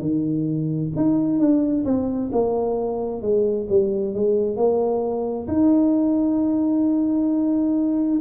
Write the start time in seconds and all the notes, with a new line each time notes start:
0.00 D#3
0.96 D#4
1.39 D4
1.85 C4
2.32 A#3
3.21 G#3
3.69 G3
4.14 G#3
4.56 A#3
5.48 D#4